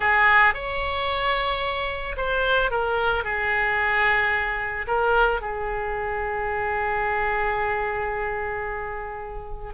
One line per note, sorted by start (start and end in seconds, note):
0.00 0.54 G#4
0.54 2.16 C#5
2.16 2.70 C5
2.70 3.24 A#4
3.24 4.86 G#4
4.87 5.41 A#4
5.41 9.73 G#4